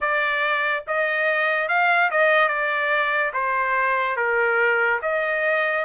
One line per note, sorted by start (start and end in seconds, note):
0.00 0.84 D5
0.87 1.68 D#5
1.68 2.10 F5
2.10 2.48 D#5
2.48 3.31 D5
3.33 4.16 C5
4.16 5.00 A#4
5.02 5.85 D#5